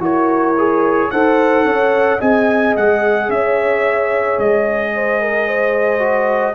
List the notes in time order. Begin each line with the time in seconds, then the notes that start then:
0.00 E4 F#4 A#4 C#5
0.58 G#4
1.11 D#4 A4 C5 F#5
1.65 C#4 C#5
2.19 C4 G#4 D#5 G#5
2.77 G#3 F#5
3.29 C#4 C#5 E5
4.39 G#3 D#5
4.95 C5
5.21 A#4
5.47 C5
6.00 F#4